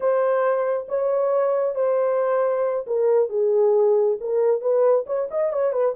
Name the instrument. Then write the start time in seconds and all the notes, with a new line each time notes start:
horn
0.00 C5
0.88 C#5
1.75 C5
2.87 A#4
3.29 G#4
4.20 A#4
4.61 B4
5.06 C#5
5.30 D#5
5.52 C#5
5.72 B4